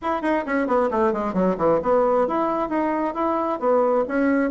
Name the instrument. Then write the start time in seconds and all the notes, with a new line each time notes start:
bassoon
0.02 E4
0.21 D#4
0.46 C#4
0.67 B3
0.90 A3
1.12 G#3
1.33 F#3
1.57 E3
1.82 B3
2.27 E4
2.69 D#4
3.14 E4
3.59 B3
4.07 C#4